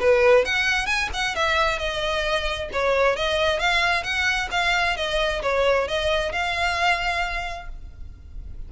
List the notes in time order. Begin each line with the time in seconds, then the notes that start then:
0.00 B4
0.45 F#5
0.86 G#5
1.13 F#5
1.35 E5
1.78 D#5
2.72 C#5
3.16 D#5
3.59 F5
4.03 F#5
4.51 F5
4.96 D#5
5.42 C#5
5.87 D#5
6.32 F5